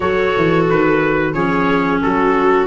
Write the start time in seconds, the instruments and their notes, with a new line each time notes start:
0.00 tuba F#3, clarinet F#4, viola A4, trumpet C#5
0.36 tuba E3
0.69 tuba D#3, trumpet B4
1.33 tuba F3, clarinet C#4, viola G#4, trumpet C#5
2.02 tuba F#3, viola F#4, trumpet A4